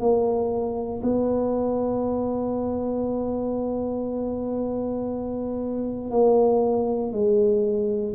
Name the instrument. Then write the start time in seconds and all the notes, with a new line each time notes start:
tuba
0.00 A#3
1.03 B3
6.11 A#3
7.12 G#3